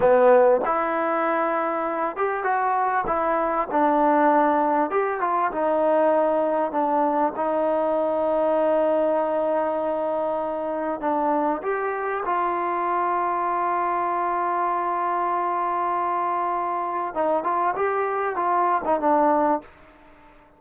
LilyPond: \new Staff \with { instrumentName = "trombone" } { \time 4/4 \tempo 4 = 98 b4 e'2~ e'8 g'8 | fis'4 e'4 d'2 | g'8 f'8 dis'2 d'4 | dis'1~ |
dis'2 d'4 g'4 | f'1~ | f'1 | dis'8 f'8 g'4 f'8. dis'16 d'4 | }